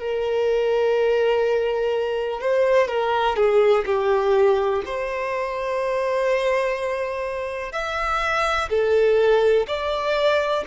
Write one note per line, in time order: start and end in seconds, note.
0.00 2.41 A#4
2.41 2.88 C5
2.88 3.37 A#4
3.37 3.85 G#4
3.86 4.83 G4
4.86 7.72 C5
7.72 8.69 E5
8.70 9.67 A4
9.68 10.65 D5